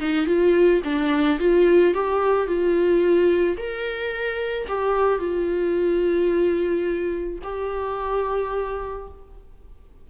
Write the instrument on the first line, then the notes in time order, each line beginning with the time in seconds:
viola
0.00 D#4
0.26 F4
0.84 D4
1.39 F4
1.94 G4
2.47 F4
3.57 A#4
4.68 G4
5.19 F4
7.43 G4